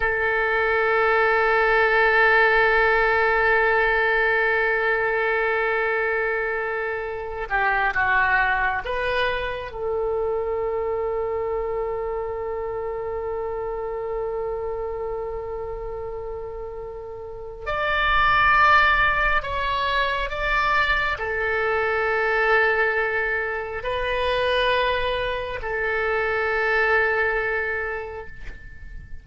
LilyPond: \new Staff \with { instrumentName = "oboe" } { \time 4/4 \tempo 4 = 68 a'1~ | a'1~ | a'8 g'8 fis'4 b'4 a'4~ | a'1~ |
a'1 | d''2 cis''4 d''4 | a'2. b'4~ | b'4 a'2. | }